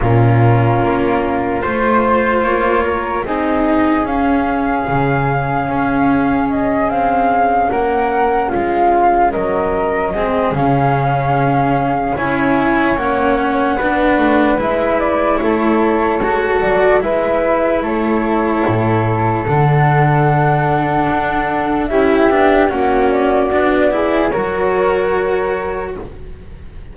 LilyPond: <<
  \new Staff \with { instrumentName = "flute" } { \time 4/4 \tempo 4 = 74 ais'2 c''4 cis''4 | dis''4 f''2. | dis''8 f''4 fis''4 f''4 dis''8~ | dis''4 f''2 gis''4 |
fis''2 e''8 d''8 cis''4~ | cis''8 d''8 e''4 cis''2 | fis''2. e''4 | fis''8 d''4. cis''2 | }
  \new Staff \with { instrumentName = "flute" } { \time 4/4 f'2 c''4. ais'8 | gis'1~ | gis'4. ais'4 f'4 ais'8~ | ais'8 gis'2~ gis'8 cis''4~ |
cis''4 b'2 a'4~ | a'4 b'4 a'2~ | a'2. g'4 | fis'4. gis'8 ais'2 | }
  \new Staff \with { instrumentName = "cello" } { \time 4/4 cis'2 f'2 | dis'4 cis'2.~ | cis'1~ | cis'8 c'8 cis'2 e'4 |
cis'4 d'4 e'2 | fis'4 e'2. | d'2. e'8 d'8 | cis'4 d'8 e'8 fis'2 | }
  \new Staff \with { instrumentName = "double bass" } { \time 4/4 ais,4 ais4 a4 ais4 | c'4 cis'4 cis4 cis'4~ | cis'8 c'4 ais4 gis4 fis8~ | fis8 gis8 cis2 cis'4 |
ais4 b8 a8 gis4 a4 | gis8 fis8 gis4 a4 a,4 | d2 d'4 cis'8 b8 | ais4 b4 fis2 | }
>>